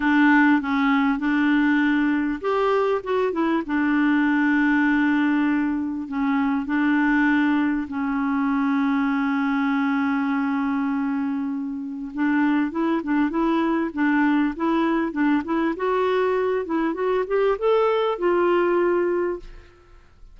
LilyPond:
\new Staff \with { instrumentName = "clarinet" } { \time 4/4 \tempo 4 = 99 d'4 cis'4 d'2 | g'4 fis'8 e'8 d'2~ | d'2 cis'4 d'4~ | d'4 cis'2.~ |
cis'1 | d'4 e'8 d'8 e'4 d'4 | e'4 d'8 e'8 fis'4. e'8 | fis'8 g'8 a'4 f'2 | }